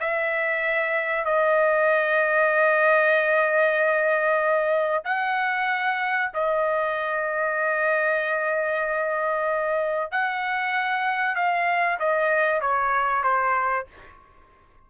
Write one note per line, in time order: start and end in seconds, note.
0.00 1.25 E5
1.25 5.04 D#5
5.04 6.30 F#5
6.33 10.11 D#5
10.11 11.35 F#5
11.35 11.98 F5
11.99 12.60 D#5
12.60 13.23 C#5
13.23 13.86 C5